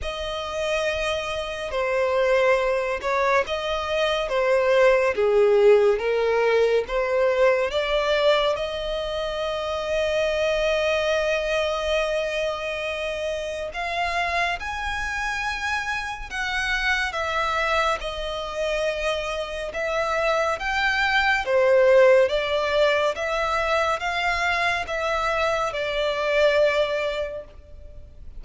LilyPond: \new Staff \with { instrumentName = "violin" } { \time 4/4 \tempo 4 = 70 dis''2 c''4. cis''8 | dis''4 c''4 gis'4 ais'4 | c''4 d''4 dis''2~ | dis''1 |
f''4 gis''2 fis''4 | e''4 dis''2 e''4 | g''4 c''4 d''4 e''4 | f''4 e''4 d''2 | }